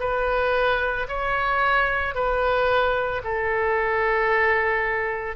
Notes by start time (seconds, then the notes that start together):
0.00 B4
1.08 C#5
2.15 B4
3.24 A4